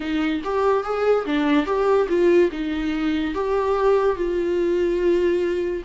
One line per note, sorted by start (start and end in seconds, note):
0.00 0.42 D#4
0.44 0.83 G4
0.83 1.25 G#4
1.25 1.66 D4
1.66 2.07 G4
2.08 2.50 F4
2.51 3.34 D#4
3.34 4.16 G4
4.16 5.83 F4